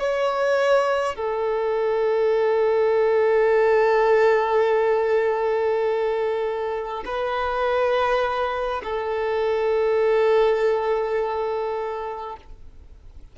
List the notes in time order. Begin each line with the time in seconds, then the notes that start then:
0.00 C#5
1.16 A4
7.05 B4
8.84 A4